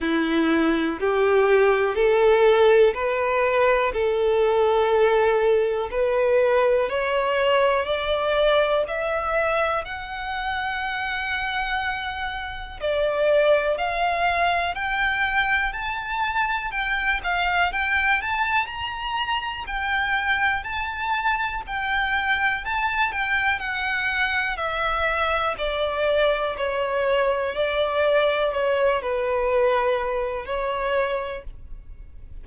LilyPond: \new Staff \with { instrumentName = "violin" } { \time 4/4 \tempo 4 = 61 e'4 g'4 a'4 b'4 | a'2 b'4 cis''4 | d''4 e''4 fis''2~ | fis''4 d''4 f''4 g''4 |
a''4 g''8 f''8 g''8 a''8 ais''4 | g''4 a''4 g''4 a''8 g''8 | fis''4 e''4 d''4 cis''4 | d''4 cis''8 b'4. cis''4 | }